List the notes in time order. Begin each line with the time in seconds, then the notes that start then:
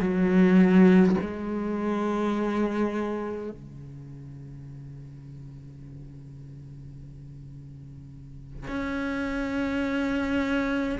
0.00 F#3
1.21 G#3
3.50 C#3
8.67 C#4